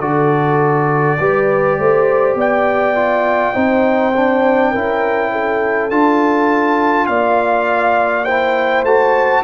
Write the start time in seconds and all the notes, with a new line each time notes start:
0.00 D3 F#4 A4 D5
1.20 G3 G4 B4
1.78 A3 C5
2.35 B3 D5 G5
2.95 F4
3.54 C4 D#4 C5
4.16 D4
4.71 C#4 E4 A#4
5.32 A4
5.90 D4 F4 A5
7.07 A#3 D5 F5
8.25 E4 C5 G5
8.83 A3 F#4 A5